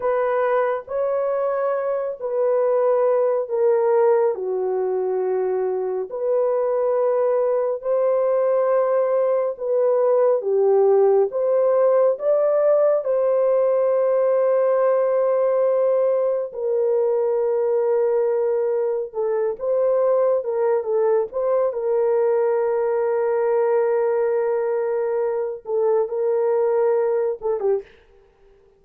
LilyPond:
\new Staff \with { instrumentName = "horn" } { \time 4/4 \tempo 4 = 69 b'4 cis''4. b'4. | ais'4 fis'2 b'4~ | b'4 c''2 b'4 | g'4 c''4 d''4 c''4~ |
c''2. ais'4~ | ais'2 a'8 c''4 ais'8 | a'8 c''8 ais'2.~ | ais'4. a'8 ais'4. a'16 g'16 | }